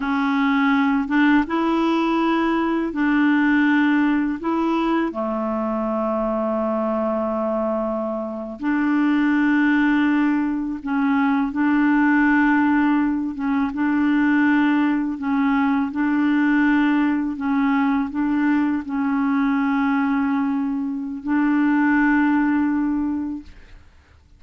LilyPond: \new Staff \with { instrumentName = "clarinet" } { \time 4/4 \tempo 4 = 82 cis'4. d'8 e'2 | d'2 e'4 a4~ | a2.~ a8. d'16~ | d'2~ d'8. cis'4 d'16~ |
d'2~ d'16 cis'8 d'4~ d'16~ | d'8. cis'4 d'2 cis'16~ | cis'8. d'4 cis'2~ cis'16~ | cis'4 d'2. | }